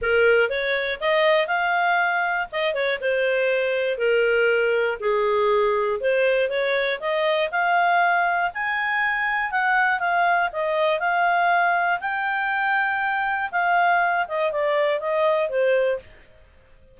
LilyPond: \new Staff \with { instrumentName = "clarinet" } { \time 4/4 \tempo 4 = 120 ais'4 cis''4 dis''4 f''4~ | f''4 dis''8 cis''8 c''2 | ais'2 gis'2 | c''4 cis''4 dis''4 f''4~ |
f''4 gis''2 fis''4 | f''4 dis''4 f''2 | g''2. f''4~ | f''8 dis''8 d''4 dis''4 c''4 | }